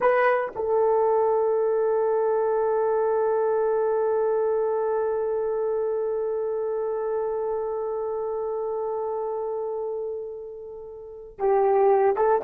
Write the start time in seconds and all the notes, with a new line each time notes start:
0.00 B4
0.55 A4
11.38 G4
12.16 A4